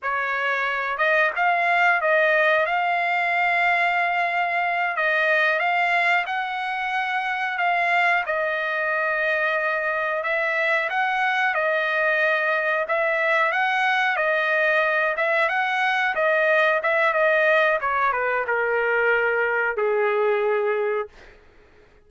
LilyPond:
\new Staff \with { instrumentName = "trumpet" } { \time 4/4 \tempo 4 = 91 cis''4. dis''8 f''4 dis''4 | f''2.~ f''8 dis''8~ | dis''8 f''4 fis''2 f''8~ | f''8 dis''2. e''8~ |
e''8 fis''4 dis''2 e''8~ | e''8 fis''4 dis''4. e''8 fis''8~ | fis''8 dis''4 e''8 dis''4 cis''8 b'8 | ais'2 gis'2 | }